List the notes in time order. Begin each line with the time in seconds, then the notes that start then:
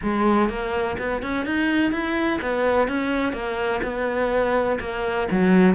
0.02 G#3
0.49 A#3
0.98 B3
1.22 C#4
1.45 D#4
1.92 E4
2.41 B3
2.88 C#4
3.33 A#3
3.82 B3
4.80 A#3
5.31 F#3